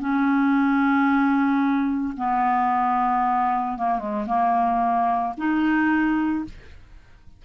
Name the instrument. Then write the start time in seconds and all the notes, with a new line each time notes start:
clarinet
0.00 C#4
2.18 B3
3.77 A#3
3.99 G#3
4.27 A#3
5.38 D#4